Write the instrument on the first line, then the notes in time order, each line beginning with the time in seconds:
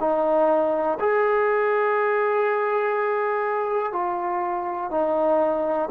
trombone
0.00 D#4
1.00 G#4
3.92 F4
4.90 D#4